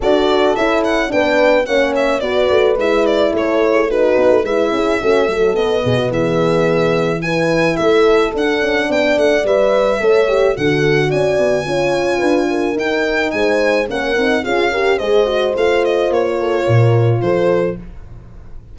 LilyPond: <<
  \new Staff \with { instrumentName = "violin" } { \time 4/4 \tempo 4 = 108 d''4 e''8 fis''8 g''4 fis''8 e''8 | d''4 e''8 d''8 cis''4 b'4 | e''2 dis''4 e''4~ | e''4 gis''4 e''4 fis''4 |
g''8 fis''8 e''2 fis''4 | gis''2. g''4 | gis''4 fis''4 f''4 dis''4 | f''8 dis''8 cis''2 c''4 | }
  \new Staff \with { instrumentName = "horn" } { \time 4/4 a'2 b'4 cis''4 | b'2 a'8. gis'16 fis'4 | b'8 gis'8 fis'8 a'4 gis'16 fis'16 gis'4~ | gis'4 b'4 a'2 |
d''2 cis''4 a'4 | d''4 cis''4 b'8 ais'4. | c''4 ais'4 gis'8 ais'8 c''4~ | c''4. a'8 ais'4 a'4 | }
  \new Staff \with { instrumentName = "horn" } { \time 4/4 fis'4 e'4 d'4 cis'4 | fis'4 e'2 dis'4 | e'4 cis'8 fis8 b2~ | b4 e'2 d'4~ |
d'4 b'4 a'8 g'8 fis'4~ | fis'4 f'2 dis'4~ | dis'4 cis'8 dis'8 f'8 g'8 gis'8 fis'8 | f'1 | }
  \new Staff \with { instrumentName = "tuba" } { \time 4/4 d'4 cis'4 b4 ais4 | b8 a8 gis4 a4. b16 a16 | gis8 cis'8 a4 b8 b,8 e4~ | e2 a4 d'8 cis'8 |
b8 a8 g4 a4 d4 | cis'8 b8 cis'4 d'4 dis'4 | gis4 ais8 c'8 cis'4 gis4 | a4 ais4 ais,4 f4 | }
>>